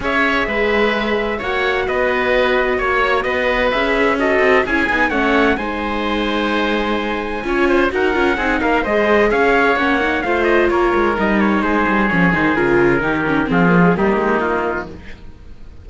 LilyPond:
<<
  \new Staff \with { instrumentName = "trumpet" } { \time 4/4 \tempo 4 = 129 e''2. fis''4 | dis''2 cis''4 dis''4 | e''4 dis''4 gis''4 fis''4 | gis''1~ |
gis''4 fis''4. f''8 dis''4 | f''4 fis''4 f''8 dis''8 cis''4 | dis''8 cis''8 c''4 cis''8 c''8 ais'4~ | ais'4 gis'4 g'4 f'4 | }
  \new Staff \with { instrumentName = "oboe" } { \time 4/4 cis''4 b'2 cis''4 | b'2 cis''4 b'4~ | b'4 a'4 gis'4 cis''4 | c''1 |
cis''8 c''8 ais'4 gis'8 ais'8 c''4 | cis''2 c''4 ais'4~ | ais'4 gis'2. | g'4 f'4 dis'2 | }
  \new Staff \with { instrumentName = "viola" } { \time 4/4 gis'2. fis'4~ | fis'1 | gis'4 fis'4 e'8 dis'8 cis'4 | dis'1 |
f'4 fis'8 f'8 dis'4 gis'4~ | gis'4 cis'8 dis'8 f'2 | dis'2 cis'8 dis'8 f'4 | dis'8 cis'8 c'8 ais16 gis16 ais2 | }
  \new Staff \with { instrumentName = "cello" } { \time 4/4 cis'4 gis2 ais4 | b2 ais4 b4 | cis'4. c'8 cis'8 b8 a4 | gis1 |
cis'4 dis'8 cis'8 c'8 ais8 gis4 | cis'4 ais4 a4 ais8 gis8 | g4 gis8 g8 f8 dis8 cis4 | dis4 f4 g8 gis8 ais4 | }
>>